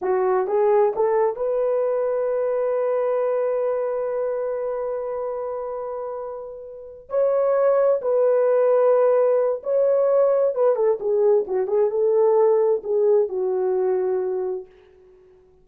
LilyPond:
\new Staff \with { instrumentName = "horn" } { \time 4/4 \tempo 4 = 131 fis'4 gis'4 a'4 b'4~ | b'1~ | b'1~ | b'2.~ b'8 cis''8~ |
cis''4. b'2~ b'8~ | b'4 cis''2 b'8 a'8 | gis'4 fis'8 gis'8 a'2 | gis'4 fis'2. | }